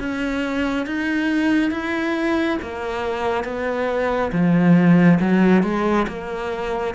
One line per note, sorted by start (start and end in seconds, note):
0.00 0.87 C#4
0.87 1.71 D#4
1.71 2.58 E4
2.62 3.45 A#3
3.45 4.32 B3
4.33 5.20 F3
5.21 5.64 F#3
5.64 6.07 G#3
6.08 6.95 A#3